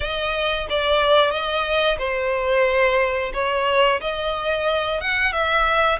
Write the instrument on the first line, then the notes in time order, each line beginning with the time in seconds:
violin
0.00 D#5
0.69 D5
1.30 D#5
1.98 C5
3.33 C#5
4.01 D#5
5.00 F#5
5.32 E5